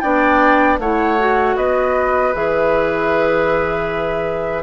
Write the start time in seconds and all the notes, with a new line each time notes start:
0.00 B3 D4 D5 G5
0.79 A3 E4 C#5 F#5
1.19 F#4
1.56 B3 B4 D#5
2.34 E3 G#4 E5